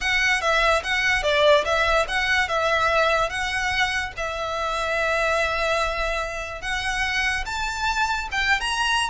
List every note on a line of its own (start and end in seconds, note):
0.01 0.41 F#5
0.41 0.82 E5
0.83 1.23 F#5
1.23 1.64 D5
1.64 2.06 E5
2.07 2.48 F#5
2.48 3.29 E5
3.29 4.12 F#5
4.17 6.61 E5
6.61 7.44 F#5
7.45 8.28 A5
8.31 8.60 G5
8.60 9.09 A#5